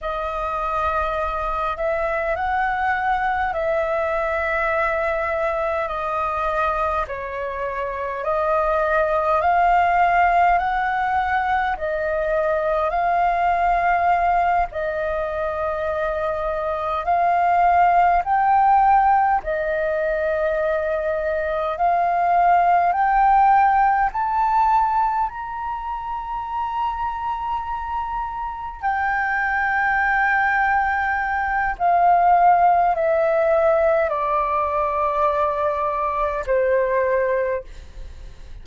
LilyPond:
\new Staff \with { instrumentName = "flute" } { \time 4/4 \tempo 4 = 51 dis''4. e''8 fis''4 e''4~ | e''4 dis''4 cis''4 dis''4 | f''4 fis''4 dis''4 f''4~ | f''8 dis''2 f''4 g''8~ |
g''8 dis''2 f''4 g''8~ | g''8 a''4 ais''2~ ais''8~ | ais''8 g''2~ g''8 f''4 | e''4 d''2 c''4 | }